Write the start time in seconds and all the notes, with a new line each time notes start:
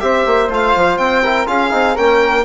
0.00 C4 G4 C5 E5
0.26 A#3
0.49 A3 F4 F5
0.76 F3
0.98 C4 G5
1.23 E4 A#4
1.47 C#4 F4 G#4 F5
1.71 C4 D#4
1.95 A#3 C#4 A#4 G5